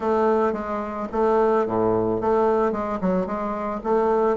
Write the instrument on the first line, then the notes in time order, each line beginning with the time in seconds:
bassoon
0.00 A3
0.53 G#3
1.12 A3
1.66 A2
2.20 A3
2.71 G#3
3.00 F#3
3.26 G#3
3.83 A3